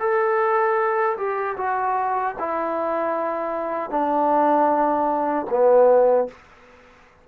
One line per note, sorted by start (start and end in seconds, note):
0.00 1.17 A4
1.18 1.57 G4
1.57 2.35 F#4
2.39 3.90 E4
3.90 5.46 D4
5.50 6.28 B3